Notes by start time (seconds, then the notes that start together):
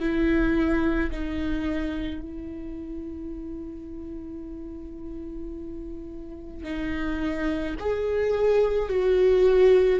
0.00 E4
1.12 D#4
2.22 E4
6.64 D#4
7.80 G#4
8.89 F#4